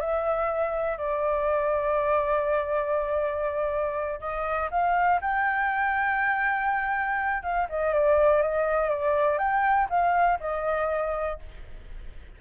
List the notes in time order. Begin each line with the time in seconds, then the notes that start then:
0.00 E5
0.98 D5
4.20 D#5
4.71 F5
5.21 G5
7.43 F5
7.69 D#5
7.93 D5
8.42 D#5
8.89 D5
9.38 G5
9.90 F5
10.40 D#5